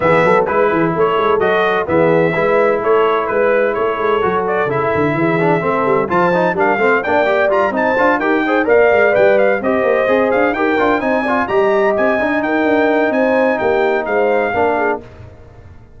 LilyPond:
<<
  \new Staff \with { instrumentName = "trumpet" } { \time 4/4 \tempo 4 = 128 e''4 b'4 cis''4 dis''4 | e''2 cis''4 b'4 | cis''4. d''8 e''2~ | e''4 a''4 f''4 g''4 |
ais''8 a''4 g''4 f''4 g''8 | f''8 dis''4. f''8 g''4 gis''8~ | gis''8 ais''4 gis''4 g''4. | gis''4 g''4 f''2 | }
  \new Staff \with { instrumentName = "horn" } { \time 4/4 gis'8 a'8 b'8 gis'8 a'2 | gis'4 b'4 a'4 b'4 | a'2. gis'4 | a'4 c''4 ais'8 c''8 d''4~ |
d''8 c''4 ais'8 c''8 d''4.~ | d''8 c''2 ais'4 c''8 | d''8 dis''2 ais'4. | c''4 g'4 c''4 ais'8 gis'8 | }
  \new Staff \with { instrumentName = "trombone" } { \time 4/4 b4 e'2 fis'4 | b4 e'2.~ | e'4 fis'4 e'4. d'8 | c'4 f'8 dis'8 d'8 c'8 d'8 g'8 |
f'8 dis'8 f'8 g'8 gis'8 ais'4 b'8~ | b'8 g'4 gis'4 g'8 f'8 dis'8 | f'8 g'4. dis'2~ | dis'2. d'4 | }
  \new Staff \with { instrumentName = "tuba" } { \time 4/4 e8 fis8 gis8 e8 a8 gis8 fis4 | e4 gis4 a4 gis4 | a8 gis8 fis4 cis8 d8 e4 | a8 g8 f4 g8 a8 ais4 |
g8 c'8 d'8 dis'4 ais8 gis8 g8~ | g8 c'8 ais8 c'8 d'8 dis'8 d'8 c'8~ | c'8 g4 c'8 d'8 dis'8 d'4 | c'4 ais4 gis4 ais4 | }
>>